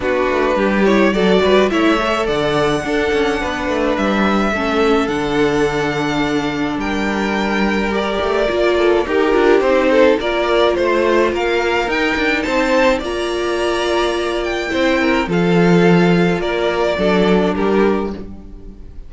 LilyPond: <<
  \new Staff \with { instrumentName = "violin" } { \time 4/4 \tempo 4 = 106 b'4. cis''8 d''4 e''4 | fis''2. e''4~ | e''4 fis''2. | g''2 d''2 |
ais'4 c''4 d''4 c''4 | f''4 g''4 a''4 ais''4~ | ais''4. g''4. f''4~ | f''4 d''2 ais'4 | }
  \new Staff \with { instrumentName = "violin" } { \time 4/4 fis'4 g'4 a'8 b'8 cis''4 | d''4 a'4 b'2 | a'1 | ais'2.~ ais'8 a'8 |
g'4. a'8 ais'4 c''4 | ais'2 c''4 d''4~ | d''2 c''8 ais'8 a'4~ | a'4 ais'4 a'4 g'4 | }
  \new Staff \with { instrumentName = "viola" } { \time 4/4 d'4. e'8 fis'4 e'8 a'8~ | a'4 d'2. | cis'4 d'2.~ | d'2 g'4 f'4 |
g'8 f'8 dis'4 f'2~ | f'4 dis'2 f'4~ | f'2 e'4 f'4~ | f'2 d'2 | }
  \new Staff \with { instrumentName = "cello" } { \time 4/4 b8 a8 g4 fis8 g8 a4 | d4 d'8 cis'8 b8 a8 g4 | a4 d2. | g2~ g8 a8 ais4 |
dis'8 d'8 c'4 ais4 a4 | ais4 dis'8 d'8 c'4 ais4~ | ais2 c'4 f4~ | f4 ais4 fis4 g4 | }
>>